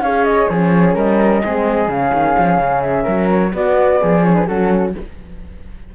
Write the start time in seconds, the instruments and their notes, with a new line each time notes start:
0.00 cello C#4, horn G#4, flute C#5 F5
0.25 flute D#5
0.48 cello F3, horn C#4, flute G#4 C#5
0.95 cello G3, flute A#4 D#5
1.43 cello G#3, horn C4, flute G#4
1.88 cello C#3, horn C#4, flute F5
2.13 cello D#3
2.39 cello F3
2.58 cello C#3
2.82 flute E5
3.04 cello F#3, flute A#4
3.32 flute C#5
3.52 cello B3, horn B3, flute F#4 D5
4.02 cello F3, flute G#4
4.24 horn C#4, flute C#5
4.34 horn D4, flute B4
4.47 cello F#3, horn C#4, flute F#4 A4